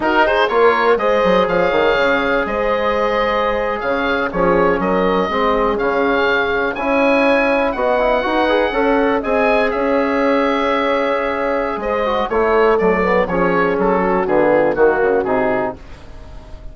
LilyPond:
<<
  \new Staff \with { instrumentName = "oboe" } { \time 4/4 \tempo 4 = 122 ais'8 c''8 cis''4 dis''4 f''4~ | f''4 dis''2~ dis''8. f''16~ | f''8. cis''4 dis''2 f''16~ | f''4.~ f''16 gis''2 fis''16~ |
fis''2~ fis''8. gis''4 e''16~ | e''1 | dis''4 cis''4 d''4 cis''4 | a'4 gis'4 fis'4 gis'4 | }
  \new Staff \with { instrumentName = "horn" } { \time 4/4 fis'8 gis'8 ais'4 c''4 cis''4~ | cis''4 c''2~ c''8. cis''16~ | cis''8. gis'4 ais'4 gis'4~ gis'16~ | gis'4.~ gis'16 cis''2 dis''16~ |
dis''8. b'4 cis''4 dis''4 cis''16~ | cis''1 | c''4 a'2 gis'4~ | gis'8 fis'4 f'8 fis'2 | }
  \new Staff \with { instrumentName = "trombone" } { \time 4/4 dis'4 f'4 gis'2~ | gis'1~ | gis'8. cis'2 c'4 cis'16~ | cis'4.~ cis'16 e'2 fis'16~ |
fis'16 e'8 fis'8 gis'8 a'4 gis'4~ gis'16~ | gis'1~ | gis'8 fis'8 e'4 a8 b8 cis'4~ | cis'4 b4 ais4 dis'4 | }
  \new Staff \with { instrumentName = "bassoon" } { \time 4/4 dis'4 ais4 gis8 fis8 f8 dis8 | cis4 gis2~ gis8. cis16~ | cis8. f4 fis4 gis4 cis16~ | cis4.~ cis16 cis'2 b16~ |
b8. dis'4 cis'4 c'4 cis'16~ | cis'1 | gis4 a4 fis4 f4 | fis4 d4 dis8 cis8 c4 | }
>>